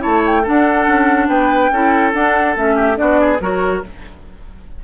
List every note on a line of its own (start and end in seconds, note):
0.00 0.47 A3
0.00 0.42 E4
0.00 0.42 C#5
0.00 0.24 A5
0.26 0.47 G5
0.42 1.72 D4
0.42 0.87 D4
0.42 1.27 A4
0.42 1.28 F#5
0.87 1.28 C#4
1.28 1.70 B3
1.28 1.71 B4
1.28 2.12 G5
1.71 2.13 C#4
1.71 2.13 E4
1.71 2.75 A4
2.13 2.55 D4
2.13 2.56 D4
2.13 2.56 F#5
2.56 2.98 A3
2.56 2.95 C#4
2.56 2.97 E5
2.75 2.96 G4
2.95 3.40 B3
2.95 3.37 D4
2.95 3.20 F#4
2.95 3.40 D5
3.20 3.41 G#4
3.40 3.82 F#3
3.40 3.83 F#4
3.40 3.84 A#4
3.40 3.83 C#5